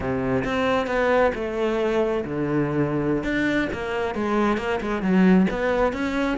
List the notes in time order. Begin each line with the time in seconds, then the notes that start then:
0.00 C3
0.44 C4
0.86 B3
1.34 A3
2.24 D3
3.23 D4
3.72 A#3
4.14 G#3
4.57 A#3
4.80 G#3
5.01 F#3
5.50 B3
5.92 C#4